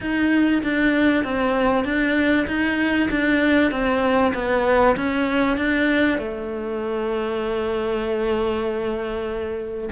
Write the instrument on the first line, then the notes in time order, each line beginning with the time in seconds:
cello
0.00 D#4
0.62 D4
1.24 C4
1.84 D4
2.47 D#4
3.10 D4
3.71 C4
4.34 B3
4.96 C#4
5.57 D4
6.18 A3